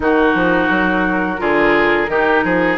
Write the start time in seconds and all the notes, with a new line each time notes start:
0.00 D#3 D#4 F#4 A#4
0.34 F3
0.69 F#3
1.38 D3 F4 G#4
2.08 D#3 D#4 G4
2.44 F3 G#4